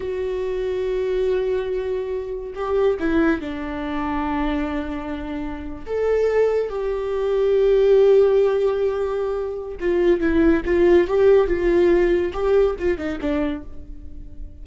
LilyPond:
\new Staff \with { instrumentName = "viola" } { \time 4/4 \tempo 4 = 141 fis'1~ | fis'2 g'4 e'4 | d'1~ | d'4.~ d'16 a'2 g'16~ |
g'1~ | g'2. f'4 | e'4 f'4 g'4 f'4~ | f'4 g'4 f'8 dis'8 d'4 | }